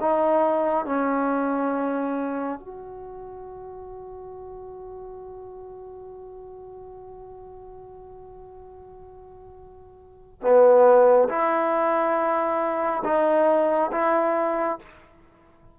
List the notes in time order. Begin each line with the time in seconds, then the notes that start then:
0.00 D#4
0.85 C#4
2.59 F#4
10.41 B3
11.29 E4
13.04 D#4
13.91 E4